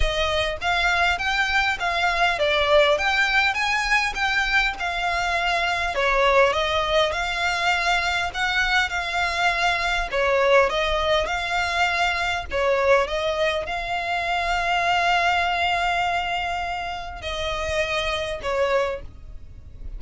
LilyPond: \new Staff \with { instrumentName = "violin" } { \time 4/4 \tempo 4 = 101 dis''4 f''4 g''4 f''4 | d''4 g''4 gis''4 g''4 | f''2 cis''4 dis''4 | f''2 fis''4 f''4~ |
f''4 cis''4 dis''4 f''4~ | f''4 cis''4 dis''4 f''4~ | f''1~ | f''4 dis''2 cis''4 | }